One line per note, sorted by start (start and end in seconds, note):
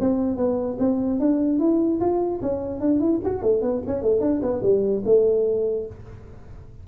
0.00 0.37 C4
0.37 0.77 B3
0.79 1.20 C4
1.20 1.59 D4
1.59 2.00 E4
2.00 2.41 F4
2.42 2.81 C#4
2.81 3.00 D4
3.00 3.20 E4
3.25 3.43 F#4
3.43 3.62 A3
3.62 3.82 B3
3.87 4.02 C#4
4.02 4.21 A3
4.21 4.41 D4
4.42 4.62 B3
4.63 5.03 G3
5.05 5.86 A3